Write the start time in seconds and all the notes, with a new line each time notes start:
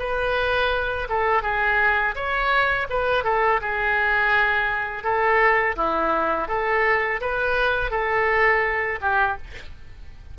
0.00 B4
1.09 A4
1.43 G#4
2.16 C#5
2.90 B4
3.25 A4
3.62 G#4
5.04 A4
5.77 E4
6.49 A4
7.21 B4
7.92 A4
9.02 G4